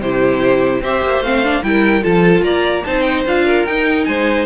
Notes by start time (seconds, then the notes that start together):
0.00 C3 E4 G4 C5
0.81 C4 G4 C5 E5
1.02 A#3
1.19 A3 C4 F5
1.43 D4
1.63 G3 E4 A#4 G5
2.01 F3 F4 A4 A5
2.41 A#3 D5 A#5
2.84 C4 D#4 C5 A5
3.01 G5
3.25 D4 F4 F5
3.45 A#4
3.66 D#4 G5
4.05 G#3 C5 G#5